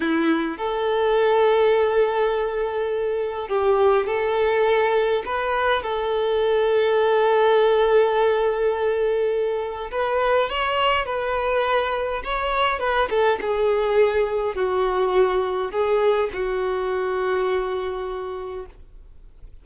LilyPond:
\new Staff \with { instrumentName = "violin" } { \time 4/4 \tempo 4 = 103 e'4 a'2.~ | a'2 g'4 a'4~ | a'4 b'4 a'2~ | a'1~ |
a'4 b'4 cis''4 b'4~ | b'4 cis''4 b'8 a'8 gis'4~ | gis'4 fis'2 gis'4 | fis'1 | }